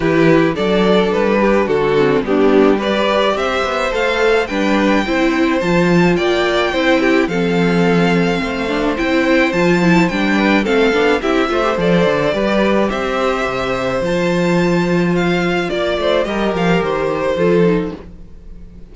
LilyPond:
<<
  \new Staff \with { instrumentName = "violin" } { \time 4/4 \tempo 4 = 107 b'4 d''4 b'4 a'4 | g'4 d''4 e''4 f''4 | g''2 a''4 g''4~ | g''4 f''2. |
g''4 a''4 g''4 f''4 | e''4 d''2 e''4~ | e''4 a''2 f''4 | d''4 dis''8 f''8 c''2 | }
  \new Staff \with { instrumentName = "violin" } { \time 4/4 g'4 a'4. g'8 fis'4 | d'4 b'4 c''2 | b'4 c''2 d''4 | c''8 g'8 a'2 c''4~ |
c''2~ c''8 b'8 a'4 | g'8 c''4. b'4 c''4~ | c''1 | d''8 c''8 ais'2 a'4 | }
  \new Staff \with { instrumentName = "viola" } { \time 4/4 e'4 d'2~ d'8 c'8 | b4 g'2 a'4 | d'4 e'4 f'2 | e'4 c'2~ c'8 d'8 |
e'4 f'8 e'8 d'4 c'8 d'8 | e'8 f'16 g'16 a'4 g'2~ | g'4 f'2.~ | f'4 g'2 f'8 dis'8 | }
  \new Staff \with { instrumentName = "cello" } { \time 4/4 e4 fis4 g4 d4 | g2 c'8 b8 a4 | g4 c'4 f4 ais4 | c'4 f2 a4 |
c'4 f4 g4 a8 b8 | c'8 a8 f8 d8 g4 c'4 | c4 f2. | ais8 a8 g8 f8 dis4 f4 | }
>>